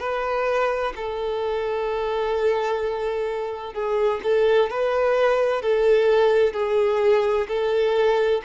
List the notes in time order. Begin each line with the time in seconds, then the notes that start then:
0.00 B4
0.96 A4
3.74 G#4
4.24 A4
4.70 B4
5.62 A4
6.54 G#4
7.48 A4